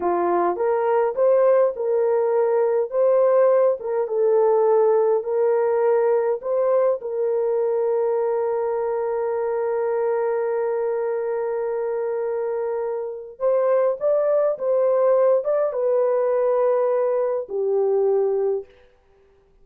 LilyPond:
\new Staff \with { instrumentName = "horn" } { \time 4/4 \tempo 4 = 103 f'4 ais'4 c''4 ais'4~ | ais'4 c''4. ais'8 a'4~ | a'4 ais'2 c''4 | ais'1~ |
ais'1~ | ais'2. c''4 | d''4 c''4. d''8 b'4~ | b'2 g'2 | }